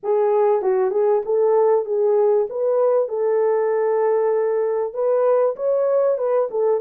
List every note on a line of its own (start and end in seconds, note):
0.03 0.62 G#4
0.62 0.91 F#4
0.91 1.21 G#4
1.25 1.85 A4
1.85 2.47 G#4
2.49 3.08 B4
3.08 4.93 A4
4.93 5.55 B4
5.56 6.17 C#5
6.17 6.48 B4
6.50 6.80 A4